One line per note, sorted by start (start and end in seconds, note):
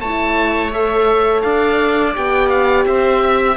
0.00 1.43 A3
0.00 0.71 E4
0.00 1.43 C#5
0.00 0.71 A5
0.71 2.14 A4
0.71 1.42 E5
1.42 2.16 D4
1.42 2.85 D5
1.42 2.13 F5
2.14 2.86 B3
2.14 3.56 G4
2.14 2.49 G5
2.49 2.85 F5
2.86 3.56 C4
2.86 3.24 C5
2.86 3.56 E5
3.24 3.56 E5